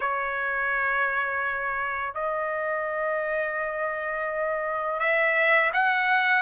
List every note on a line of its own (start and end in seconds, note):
0.00 2.14 C#5
2.14 4.99 D#5
4.99 5.70 E5
5.73 6.42 F#5